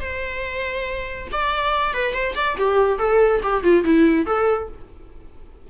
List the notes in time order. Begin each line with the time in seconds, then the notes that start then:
0.00 C5
1.32 D5
1.93 B4
2.13 C5
2.35 D5
2.57 G4
2.98 A4
3.43 G4
3.63 F4
3.84 E4
4.26 A4